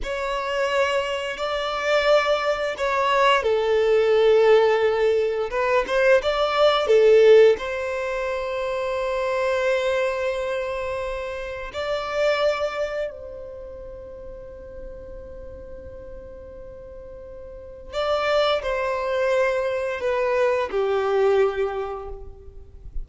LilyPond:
\new Staff \with { instrumentName = "violin" } { \time 4/4 \tempo 4 = 87 cis''2 d''2 | cis''4 a'2. | b'8 c''8 d''4 a'4 c''4~ | c''1~ |
c''4 d''2 c''4~ | c''1~ | c''2 d''4 c''4~ | c''4 b'4 g'2 | }